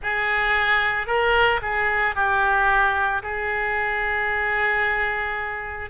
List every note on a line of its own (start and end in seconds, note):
0.02 1.06 G#4
1.06 1.60 A#4
1.62 2.15 G#4
2.15 3.22 G4
3.22 5.90 G#4